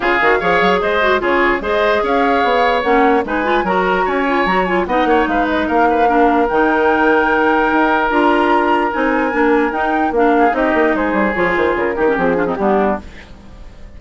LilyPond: <<
  \new Staff \with { instrumentName = "flute" } { \time 4/4 \tempo 4 = 148 f''2 dis''4 cis''4 | dis''4 f''2 fis''4 | gis''4 ais''4 gis''4 ais''8 gis''8 | fis''4 f''8 dis''8 f''2 |
g''1 | ais''2 gis''2 | g''4 f''4 dis''4 c''4 | cis''8 c''8 ais'4 gis'4 g'4 | }
  \new Staff \with { instrumentName = "oboe" } { \time 4/4 gis'4 cis''4 c''4 gis'4 | c''4 cis''2. | b'4 ais'4 cis''2 | dis''8 cis''8 b'4 ais'8 b'8 ais'4~ |
ais'1~ | ais'1~ | ais'4. gis'8 g'4 gis'4~ | gis'4. g'4 f'16 dis'16 d'4 | }
  \new Staff \with { instrumentName = "clarinet" } { \time 4/4 f'8 fis'8 gis'4. fis'8 f'4 | gis'2. cis'4 | dis'8 f'8 fis'4. f'8 fis'8 f'8 | dis'2. d'4 |
dis'1 | f'2 dis'4 d'4 | dis'4 d'4 dis'2 | f'4. dis'16 cis'16 c'8 d'16 c'16 b4 | }
  \new Staff \with { instrumentName = "bassoon" } { \time 4/4 cis8 dis8 f8 fis8 gis4 cis4 | gis4 cis'4 b4 ais4 | gis4 fis4 cis'4 fis4 | b8 ais8 gis4 ais2 |
dis2. dis'4 | d'2 c'4 ais4 | dis'4 ais4 c'8 ais8 gis8 g8 | f8 dis8 cis8 dis8 f4 g4 | }
>>